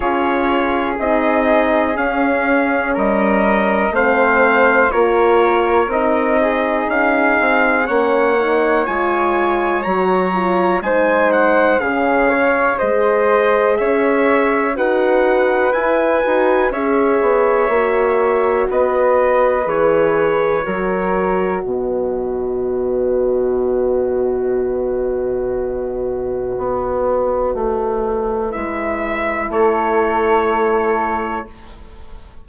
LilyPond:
<<
  \new Staff \with { instrumentName = "trumpet" } { \time 4/4 \tempo 4 = 61 cis''4 dis''4 f''4 dis''4 | f''4 cis''4 dis''4 f''4 | fis''4 gis''4 ais''4 gis''8 fis''8 | f''4 dis''4 e''4 fis''4 |
gis''4 e''2 dis''4 | cis''2 dis''2~ | dis''1~ | dis''4 e''4 cis''2 | }
  \new Staff \with { instrumentName = "flute" } { \time 4/4 gis'2. ais'4 | c''4 ais'4. gis'4. | cis''2. c''4 | gis'8 cis''8 c''4 cis''4 b'4~ |
b'4 cis''2 b'4~ | b'4 ais'4 b'2~ | b'1~ | b'2 a'2 | }
  \new Staff \with { instrumentName = "horn" } { \time 4/4 f'4 dis'4 cis'2 | c'4 f'4 dis'2 | cis'8 dis'8 f'4 fis'8 f'8 dis'4 | cis'4 gis'2 fis'4 |
e'8 fis'8 gis'4 fis'2 | gis'4 fis'2.~ | fis'1~ | fis'4 e'2. | }
  \new Staff \with { instrumentName = "bassoon" } { \time 4/4 cis'4 c'4 cis'4 g4 | a4 ais4 c'4 cis'8 c'8 | ais4 gis4 fis4 gis4 | cis4 gis4 cis'4 dis'4 |
e'8 dis'8 cis'8 b8 ais4 b4 | e4 fis4 b,2~ | b,2. b4 | a4 gis4 a2 | }
>>